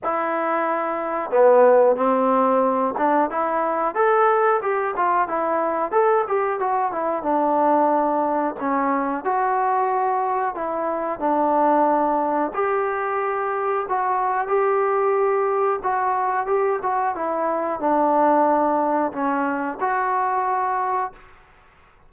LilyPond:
\new Staff \with { instrumentName = "trombone" } { \time 4/4 \tempo 4 = 91 e'2 b4 c'4~ | c'8 d'8 e'4 a'4 g'8 f'8 | e'4 a'8 g'8 fis'8 e'8 d'4~ | d'4 cis'4 fis'2 |
e'4 d'2 g'4~ | g'4 fis'4 g'2 | fis'4 g'8 fis'8 e'4 d'4~ | d'4 cis'4 fis'2 | }